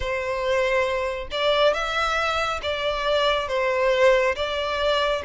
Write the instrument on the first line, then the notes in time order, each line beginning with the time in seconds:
violin
0.00 C5
1.31 D5
1.73 E5
2.62 D5
3.48 C5
4.35 D5